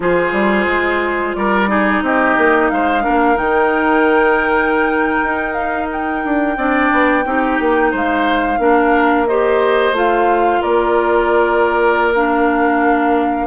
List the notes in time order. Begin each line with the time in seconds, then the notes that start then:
0.00 F3 F4 G#4 C5
0.32 G3
0.67 G#3
1.35 G3 A#4 D5
1.67 D#4 G#4
2.01 C4 G4 D#5
2.37 A#3
2.69 G#3 C5 F5
3.01 D4 A#4
3.08 A#3
3.35 D#3 D#4 G5
5.23 D#4
5.53 F5
5.91 G5
6.24 D4
6.56 C4 D4 D5
6.91 B3
7.25 C4 D#4 G4
7.59 A#3
7.91 G#3 C5 F5
8.58 A#3 D4 A#4
9.27 G4 C5 D#5
9.92 A3 F4 F5
10.61 A#3 A#4 D5
12.14 D4 F5